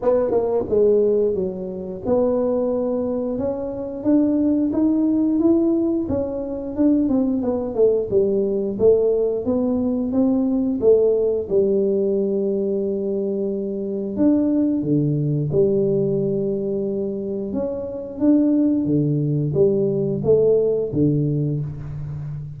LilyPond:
\new Staff \with { instrumentName = "tuba" } { \time 4/4 \tempo 4 = 89 b8 ais8 gis4 fis4 b4~ | b4 cis'4 d'4 dis'4 | e'4 cis'4 d'8 c'8 b8 a8 | g4 a4 b4 c'4 |
a4 g2.~ | g4 d'4 d4 g4~ | g2 cis'4 d'4 | d4 g4 a4 d4 | }